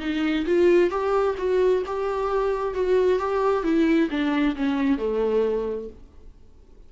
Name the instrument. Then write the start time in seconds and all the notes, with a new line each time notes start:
viola
0.00 D#4
0.46 F4
0.90 G4
1.38 F#4
1.86 G4
2.74 F#4
3.19 G4
3.63 E4
4.10 D4
4.56 C#4
4.98 A3